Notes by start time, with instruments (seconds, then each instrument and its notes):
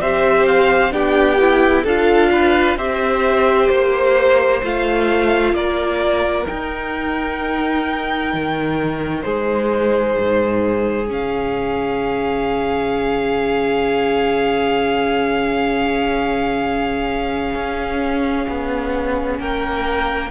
0.00 cello C4, viola G4, violin C5 E5
0.46 violin F5
0.91 cello B3, viola D4, violin G4 G5
1.40 viola E4
1.82 cello D4, viola F4, violin A4 F5
2.32 violin B4
2.76 cello C4, viola G4, violin C5 E5
3.68 cello A#3, violin C5
4.63 cello A3, viola F4, violin F5
5.52 cello A#3, violin A#4 D5
6.47 viola D#4, cello D#4, violin G5
8.33 cello D#3
9.22 cello G#3, violin G#4 C5
10.18 cello G#2
11.07 cello C#3, viola C#4, violin F5
17.54 cello C#4
18.47 cello B3
19.38 cello A#3, violin A#4 G5